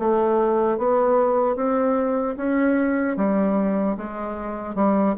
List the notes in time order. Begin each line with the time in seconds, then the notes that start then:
0.00 A3
0.78 B3
1.56 C4
2.37 C#4
3.17 G3
3.97 G#3
4.75 G3